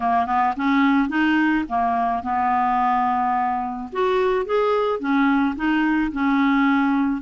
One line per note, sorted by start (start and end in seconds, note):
0.00 0.26 A#3
0.26 0.54 B3
0.56 1.09 C#4
1.09 1.64 D#4
1.68 2.22 A#3
2.22 3.89 B3
3.92 4.45 F#4
4.45 4.99 G#4
4.99 5.55 C#4
5.56 6.11 D#4
6.11 7.21 C#4